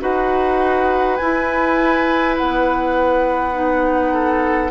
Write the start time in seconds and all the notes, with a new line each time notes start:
0.00 D#4 F#4 B4 F#5
1.17 E4 G#5
2.37 B3 F#5
3.53 D#4
4.13 A4